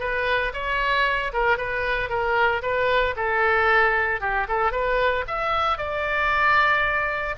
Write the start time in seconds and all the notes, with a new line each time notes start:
0.00 B4
0.54 C#5
1.33 A#4
1.58 B4
2.09 A#4
2.62 B4
3.16 A4
4.21 G4
4.49 A4
4.72 B4
5.28 E5
5.78 D5